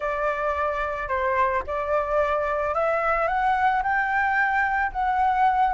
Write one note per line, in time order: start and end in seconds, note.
0.00 1.08 D5
1.08 1.62 C5
1.66 2.74 D5
2.74 3.27 E5
3.27 3.82 F#5
3.82 4.91 G5
4.92 5.73 F#5